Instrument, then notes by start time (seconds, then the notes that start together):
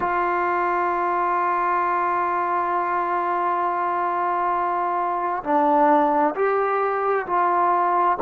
trombone
0.00 F4
5.43 D4
6.35 G4
7.26 F4